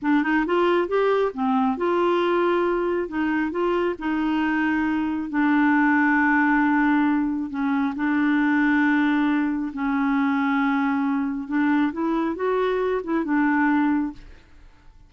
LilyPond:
\new Staff \with { instrumentName = "clarinet" } { \time 4/4 \tempo 4 = 136 d'8 dis'8 f'4 g'4 c'4 | f'2. dis'4 | f'4 dis'2. | d'1~ |
d'4 cis'4 d'2~ | d'2 cis'2~ | cis'2 d'4 e'4 | fis'4. e'8 d'2 | }